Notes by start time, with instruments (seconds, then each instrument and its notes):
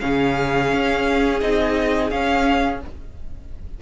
0.00 cello C#3, viola C#4, violin G#4 F5
0.73 cello C#4
1.41 cello C4, viola D#4, violin D#5
2.10 cello C#4, viola C#4, violin F5